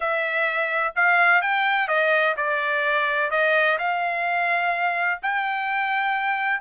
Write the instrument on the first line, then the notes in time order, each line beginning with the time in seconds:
trumpet
0.00 E5
0.95 F5
1.41 G5
1.88 D#5
2.36 D5
3.30 D#5
3.78 F5
5.22 G5